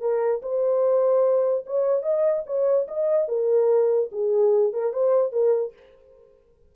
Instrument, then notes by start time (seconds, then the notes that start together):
horn
0.00 A#4
0.42 C5
1.66 C#5
2.02 D#5
2.46 C#5
2.87 D#5
3.28 A#4
4.11 G#4
4.73 A#4
4.93 C5
5.32 A#4